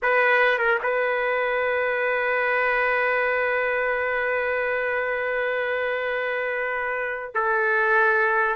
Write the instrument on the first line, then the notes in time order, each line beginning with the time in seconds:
trumpet
0.02 B4
0.58 A#4
0.83 B4
7.34 A4